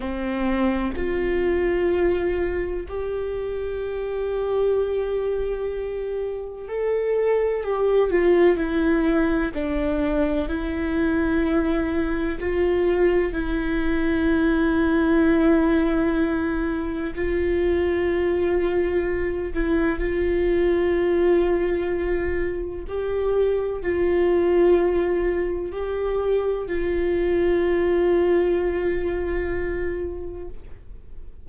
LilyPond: \new Staff \with { instrumentName = "viola" } { \time 4/4 \tempo 4 = 63 c'4 f'2 g'4~ | g'2. a'4 | g'8 f'8 e'4 d'4 e'4~ | e'4 f'4 e'2~ |
e'2 f'2~ | f'8 e'8 f'2. | g'4 f'2 g'4 | f'1 | }